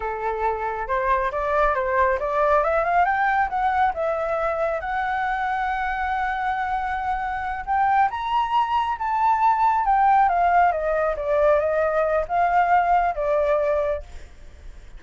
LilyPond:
\new Staff \with { instrumentName = "flute" } { \time 4/4 \tempo 4 = 137 a'2 c''4 d''4 | c''4 d''4 e''8 f''8 g''4 | fis''4 e''2 fis''4~ | fis''1~ |
fis''4. g''4 ais''4.~ | ais''8 a''2 g''4 f''8~ | f''8 dis''4 d''4 dis''4. | f''2 d''2 | }